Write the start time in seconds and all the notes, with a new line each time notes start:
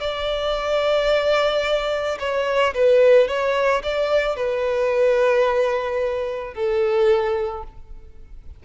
0.00 D5
2.19 C#5
2.74 B4
3.28 C#5
3.83 D5
4.36 B4
6.54 A4